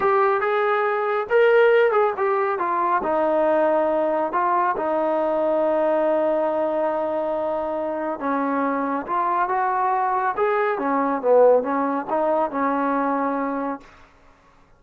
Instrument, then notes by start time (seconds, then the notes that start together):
trombone
0.00 G4
0.40 G#4
1.29 A#4
1.91 G#4
2.17 G4
2.58 F4
3.03 D#4
4.32 F4
4.77 D#4
8.19 C#4
9.06 F4
9.48 F#4
10.37 G#4
10.78 C#4
11.21 B3
11.63 C#4
12.09 D#4
12.50 C#4